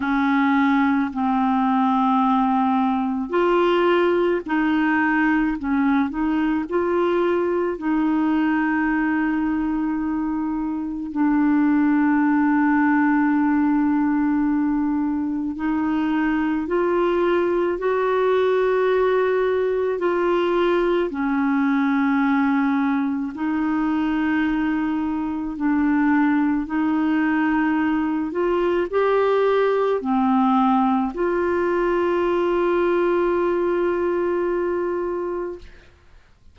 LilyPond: \new Staff \with { instrumentName = "clarinet" } { \time 4/4 \tempo 4 = 54 cis'4 c'2 f'4 | dis'4 cis'8 dis'8 f'4 dis'4~ | dis'2 d'2~ | d'2 dis'4 f'4 |
fis'2 f'4 cis'4~ | cis'4 dis'2 d'4 | dis'4. f'8 g'4 c'4 | f'1 | }